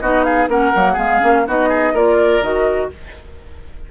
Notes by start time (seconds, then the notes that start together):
0.00 B3 D#4 F#4 D#5
0.24 G#4 F5
0.48 A#3 C#4 A#4 F#5
0.74 F#3 A#3
0.93 G#3 B3 G#4 F5
1.20 A#3 C#4
1.47 B3 D#4 F#4 D#5
1.69 G#4
1.93 A#3 F4 A#4 D5
2.41 D#3 F#4 D#5